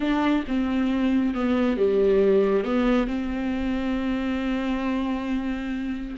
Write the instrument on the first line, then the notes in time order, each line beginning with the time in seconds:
viola
0.00 D4
0.47 C4
1.34 B3
1.77 G3
2.64 B3
3.07 C4